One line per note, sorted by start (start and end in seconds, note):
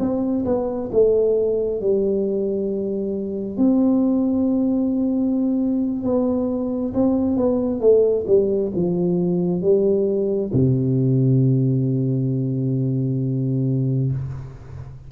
0.00 0.45 C4
0.46 0.90 B3
0.92 1.81 A3
1.81 3.58 G3
3.58 6.04 C4
6.04 6.94 B3
6.94 7.37 C4
7.37 7.81 B3
7.81 8.26 A3
8.27 8.72 G3
8.76 9.62 F3
9.62 10.51 G3
10.54 14.12 C3